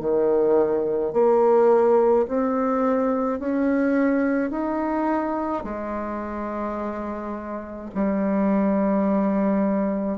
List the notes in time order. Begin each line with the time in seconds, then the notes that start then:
0.00 D#3
1.13 A#3
2.28 C4
3.40 C#4
4.51 D#4
5.64 G#3
7.95 G3